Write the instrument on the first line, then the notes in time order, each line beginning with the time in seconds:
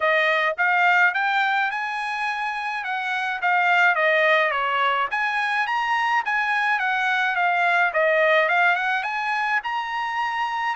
trumpet
0.00 D#5
0.57 F5
1.14 G5
1.70 G#5
2.84 F#5
3.41 F5
3.95 D#5
4.51 C#5
5.10 G#5
5.66 A#5
6.25 G#5
6.79 F#5
7.35 F5
7.93 D#5
8.48 F5
8.75 F#5
9.03 G#5
9.63 A#5